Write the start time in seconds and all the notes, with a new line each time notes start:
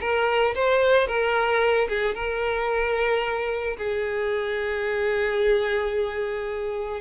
0.00 A#4
0.55 C5
1.07 A#4
1.89 G#4
2.14 A#4
3.77 G#4